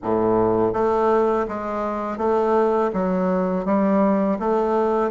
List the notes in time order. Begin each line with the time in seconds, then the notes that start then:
0.02 A2
0.73 A3
1.48 G#3
2.17 A3
2.93 F#3
3.65 G3
4.39 A3